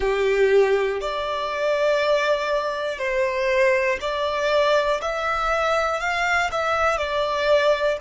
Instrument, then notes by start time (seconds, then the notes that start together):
violin
0.00 G4
1.00 D5
2.98 C5
4.00 D5
5.01 E5
6.00 F5
6.51 E5
6.97 D5